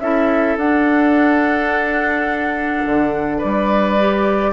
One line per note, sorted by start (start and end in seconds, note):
0.00 0.56 C#4
0.00 0.59 E4
0.00 3.38 A4
0.00 0.57 E5
0.56 2.83 D4
0.56 3.99 D4
0.56 3.40 F#5
2.85 3.42 D3
3.38 4.52 G3
3.38 4.51 B4
3.38 4.52 D5
3.99 4.52 G4